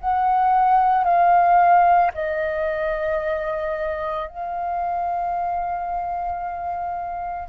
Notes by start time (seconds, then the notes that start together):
0.00 F#5
1.04 F5
2.13 D#5
4.28 F5